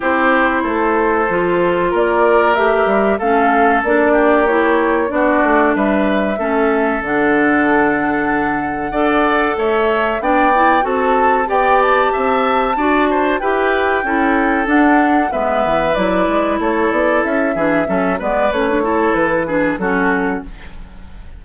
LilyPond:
<<
  \new Staff \with { instrumentName = "flute" } { \time 4/4 \tempo 4 = 94 c''2. d''4 | e''4 f''4 d''4 cis''4 | d''4 e''2 fis''4~ | fis''2. e''4 |
g''4 a''4 g''8 a''4.~ | a''4 g''2 fis''4 | e''4 d''4 cis''8 d''8 e''4~ | e''8 d''8 cis''4 b'4 a'4 | }
  \new Staff \with { instrumentName = "oboe" } { \time 4/4 g'4 a'2 ais'4~ | ais'4 a'4. g'4. | fis'4 b'4 a'2~ | a'2 d''4 cis''4 |
d''4 a'4 d''4 e''4 | d''8 c''8 b'4 a'2 | b'2 a'4. gis'8 | a'8 b'4 a'4 gis'8 fis'4 | }
  \new Staff \with { instrumentName = "clarinet" } { \time 4/4 e'2 f'2 | g'4 cis'4 d'4 e'4 | d'2 cis'4 d'4~ | d'2 a'2 |
d'8 e'8 fis'4 g'2 | fis'4 g'4 e'4 d'4 | b4 e'2~ e'8 d'8 | cis'8 b8 cis'16 d'16 e'4 d'8 cis'4 | }
  \new Staff \with { instrumentName = "bassoon" } { \time 4/4 c'4 a4 f4 ais4 | a8 g8 a4 ais2 | b8 a8 g4 a4 d4~ | d2 d'4 a4 |
b4 c'4 b4 c'4 | d'4 e'4 cis'4 d'4 | gis8 e8 fis8 gis8 a8 b8 cis'8 e8 | fis8 gis8 a4 e4 fis4 | }
>>